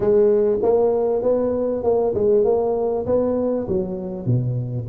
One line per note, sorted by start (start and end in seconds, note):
0.00 0.58 G#3
0.62 1.22 A#3
1.22 1.83 B3
1.83 2.14 A#3
2.14 2.44 G#3
2.44 3.05 A#3
3.06 3.67 B3
3.68 4.26 F#3
4.26 4.87 B2